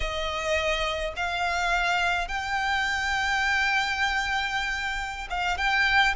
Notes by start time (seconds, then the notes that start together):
0.00 D#5
1.16 F5
2.28 G5
5.29 F5
5.57 G5